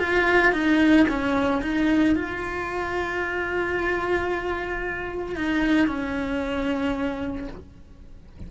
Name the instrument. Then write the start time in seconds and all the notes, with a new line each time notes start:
cello
0.00 F4
0.53 D#4
1.09 C#4
1.62 D#4
2.16 F4
5.36 D#4
5.87 C#4